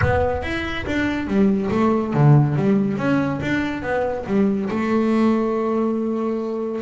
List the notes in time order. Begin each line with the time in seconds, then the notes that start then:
0.01 B3
0.42 E4
0.86 D4
1.27 G3
1.70 A3
2.13 D3
2.56 G3
2.97 C#4
3.41 D4
3.82 B3
4.26 G3
4.69 A3